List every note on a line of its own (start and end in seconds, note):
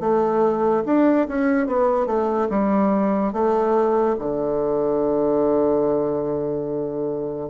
0.00 0.83 A3
0.86 1.27 D4
1.28 1.67 C#4
1.67 2.06 B3
2.06 2.48 A3
2.50 3.33 G3
3.33 4.16 A3
4.19 7.50 D3